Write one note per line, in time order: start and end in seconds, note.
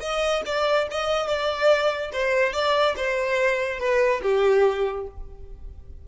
0.00 0.42 D#5
0.46 0.88 D5
0.91 1.27 D#5
1.27 2.11 D5
2.12 2.53 C5
2.53 2.95 D5
2.97 3.79 C5
3.79 4.21 B4
4.22 5.06 G4